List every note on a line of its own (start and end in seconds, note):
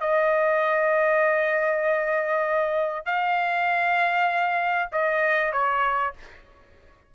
0.00 3.05 D#5
3.05 4.89 F5
4.92 5.52 D#5
5.52 6.13 C#5